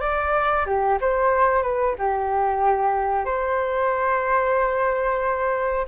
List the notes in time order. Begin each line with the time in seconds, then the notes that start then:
0.00 D5
0.66 G4
1.00 C5
1.62 B4
1.98 G4
3.25 C5